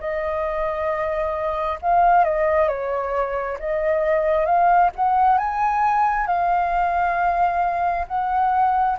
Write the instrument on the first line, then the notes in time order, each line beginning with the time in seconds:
flute
0.00 D#5
1.82 F5
2.25 D#5
2.68 C#5
3.59 D#5
4.45 F5
4.96 F#5
5.38 G#5
6.27 F5
8.08 F#5